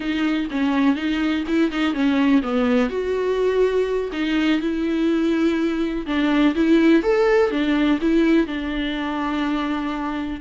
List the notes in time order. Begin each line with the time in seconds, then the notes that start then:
0.00 D#4
0.50 C#4
0.95 D#4
1.47 E4
1.71 D#4
1.93 C#4
2.42 B3
2.89 F#4
4.12 D#4
4.61 E4
6.06 D4
6.55 E4
7.02 A4
7.50 D4
8.01 E4
8.46 D4